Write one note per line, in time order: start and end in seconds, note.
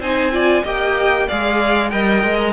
0.00 0.63 C4
0.00 0.32 D#4
0.00 0.32 C5
0.00 0.65 G#5
0.32 0.64 F4
0.32 0.63 D5
0.63 1.27 A#3
0.63 1.28 G4
0.63 1.27 D#5
0.63 1.29 G5
1.28 1.93 G#3
1.28 1.92 G#4
1.28 1.91 D5
1.28 1.90 F5
1.90 2.24 G3
1.90 2.53 A#4
1.90 2.53 D#5
1.90 2.37 G5
2.24 2.53 G#3
2.38 2.53 A#5